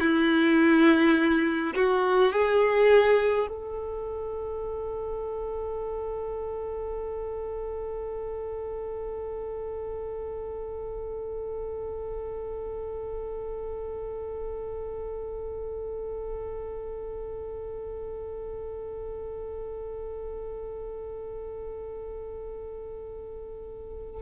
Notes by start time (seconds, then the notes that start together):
0.00 E4
1.75 F#4
2.32 G#4
3.48 A4